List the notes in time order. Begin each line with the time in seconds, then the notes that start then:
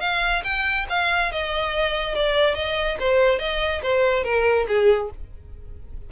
0.00 F5
0.43 G5
0.89 F5
1.31 D#5
2.15 D5
2.55 D#5
2.99 C5
3.39 D#5
3.82 C5
4.23 A#4
4.67 G#4